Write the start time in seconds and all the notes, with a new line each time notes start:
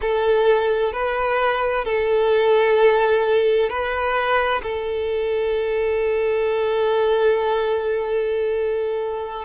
0.01 A4
0.92 B4
1.85 A4
3.69 B4
4.62 A4